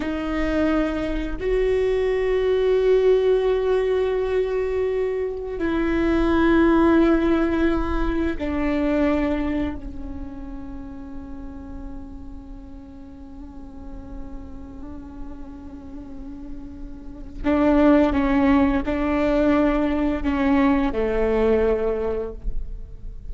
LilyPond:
\new Staff \with { instrumentName = "viola" } { \time 4/4 \tempo 4 = 86 dis'2 fis'2~ | fis'1 | e'1 | d'2 cis'2~ |
cis'1~ | cis'1~ | cis'4 d'4 cis'4 d'4~ | d'4 cis'4 a2 | }